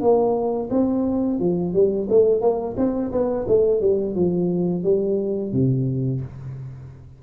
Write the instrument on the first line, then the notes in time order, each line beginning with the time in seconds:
tuba
0.00 A#3
0.70 C4
1.39 F3
1.73 G3
2.09 A3
2.41 A#3
2.77 C4
3.12 B3
3.48 A3
3.80 G3
4.15 F3
4.83 G3
5.52 C3